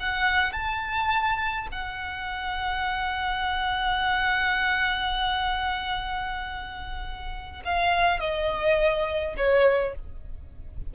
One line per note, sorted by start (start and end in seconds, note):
0.00 0.53 F#5
0.53 1.68 A5
1.72 7.63 F#5
7.65 8.20 F5
8.20 9.35 D#5
9.37 9.95 C#5